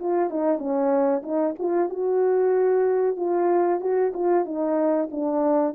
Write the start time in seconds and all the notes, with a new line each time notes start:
0.00 F4
0.30 D#4
0.59 C#4
1.23 D#4
1.59 F4
1.90 F#4
3.17 F4
3.81 F#4
4.14 F4
4.45 D#4
5.12 D4